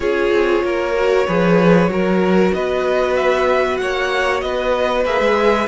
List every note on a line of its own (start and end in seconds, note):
0.00 0.30 C#4
0.00 0.94 F4
0.00 0.63 G#4
0.00 2.51 C#5
0.31 0.62 C4
0.63 1.26 A#3
0.63 1.26 A#4
0.95 1.26 F#4
1.26 1.88 F3
1.26 1.89 G#4
1.26 1.89 B4
1.88 2.51 F#3
1.88 5.04 F#4
1.88 2.54 A#4
2.53 3.80 B3
2.53 3.81 B4
2.53 3.16 D#5
3.16 3.77 E5
3.77 4.42 A#3
3.77 4.44 C#5
3.77 4.40 F#5
4.40 5.05 B3
4.40 5.68 B4
4.40 5.04 D#5
5.05 5.19 A#3
5.05 5.68 G#4
5.05 5.68 E5
5.19 5.67 G#3